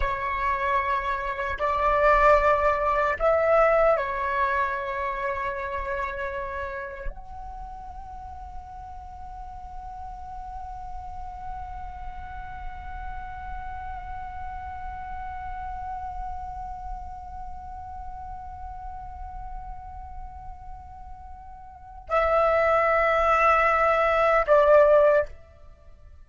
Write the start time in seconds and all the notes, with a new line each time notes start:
0.00 C#5
1.58 D5
3.19 E5
3.97 C#5
7.09 F#5
22.08 E5
24.46 D5